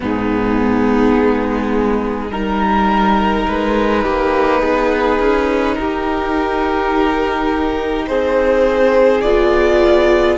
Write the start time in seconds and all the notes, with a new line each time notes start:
0.00 G#2 B3 D#4 G#4
1.15 G#3
2.30 G3 D#4 A#4
3.47 G#3 B4
4.03 A#3 G4
4.60 B3 G#4
5.19 C#4
5.75 D#4 G4 A#4
8.07 C4 G#4 C5
9.21 B3 F4 D5